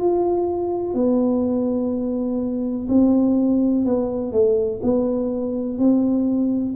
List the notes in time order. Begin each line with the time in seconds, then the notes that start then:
0.00 F4
0.95 B3
2.89 C4
3.85 B3
4.32 A3
4.83 B3
5.79 C4